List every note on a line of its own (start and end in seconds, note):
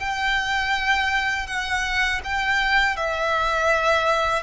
0.00 1.47 G5
1.47 2.21 F#5
2.25 2.97 G5
2.97 4.43 E5